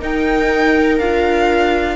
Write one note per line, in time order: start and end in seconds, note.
0.00 0.98 D#4
0.00 0.99 D#4
0.00 1.96 A#4
0.00 0.99 G5
0.99 1.96 D4
0.99 1.96 F4
0.99 1.96 F5